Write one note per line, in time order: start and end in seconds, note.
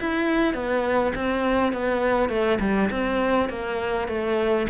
0.00 0.54 E4
0.54 1.13 B3
1.15 1.73 C4
1.73 2.29 B3
2.29 2.59 A3
2.60 2.90 G3
2.91 3.49 C4
3.49 4.08 A#3
4.08 4.67 A3